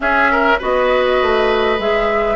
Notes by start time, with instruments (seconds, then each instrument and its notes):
0.00 clarinet C#4, bassoon C#4, oboe G#4, flute E5
0.31 oboe A#4
0.58 bassoon B3, clarinet F#4, oboe B4, flute D#5
1.22 bassoon A3
1.79 bassoon G#3, clarinet G#4, flute E5